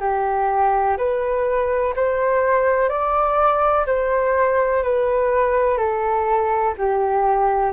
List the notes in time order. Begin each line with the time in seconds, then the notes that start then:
0.00 G4
0.97 B4
1.95 C5
2.89 D5
3.86 C5
4.83 B4
5.78 A4
6.77 G4